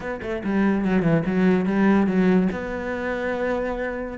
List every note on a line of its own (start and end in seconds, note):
0.00 0.20 B3
0.22 0.43 A3
0.44 0.84 G3
0.84 1.02 F#3
1.02 1.23 E3
1.25 1.65 F#3
1.65 2.06 G3
2.06 2.48 F#3
2.52 4.18 B3